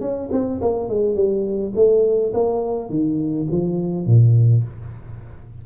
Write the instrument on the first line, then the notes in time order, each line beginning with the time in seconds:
tuba
0.00 C#4
0.31 C4
0.61 A#3
0.88 G#3
1.15 G3
1.75 A3
2.33 A#3
2.89 D#3
3.50 F3
4.06 A#2